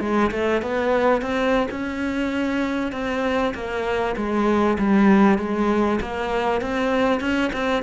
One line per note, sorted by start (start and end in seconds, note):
0.00 0.31 G#3
0.31 0.62 A3
0.62 1.22 B3
1.22 1.68 C4
1.71 2.92 C#4
2.92 3.53 C4
3.54 4.15 A#3
4.16 4.78 G#3
4.78 5.38 G3
5.38 5.99 G#3
6.01 6.61 A#3
6.61 7.20 C4
7.20 7.51 C#4
7.53 7.83 C4